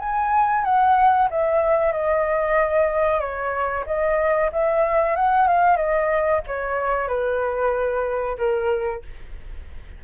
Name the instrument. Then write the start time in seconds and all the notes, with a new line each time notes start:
flute
0.00 G#5
0.65 F#5
1.31 E5
1.93 D#5
3.21 C#5
3.87 D#5
4.52 E5
5.16 F#5
5.48 F5
5.77 D#5
6.48 C#5
7.09 B4
8.38 A#4